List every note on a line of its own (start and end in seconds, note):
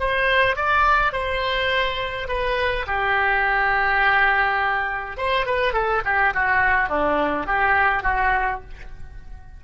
0.00 0.56 C5
0.56 1.13 D5
1.13 2.28 C5
2.28 2.86 B4
2.87 5.17 G4
5.17 5.46 C5
5.46 5.73 B4
5.73 6.02 A4
6.05 6.34 G4
6.34 6.89 F#4
6.89 7.47 D4
7.47 8.03 G4
8.03 8.61 F#4